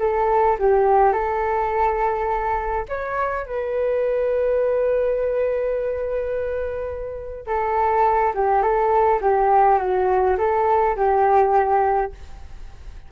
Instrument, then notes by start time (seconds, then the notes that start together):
flute
0.00 A4
0.59 G4
1.13 A4
2.89 C#5
3.46 B4
7.47 A4
8.35 G4
8.62 A4
9.22 G4
9.79 F#4
10.38 A4
10.97 G4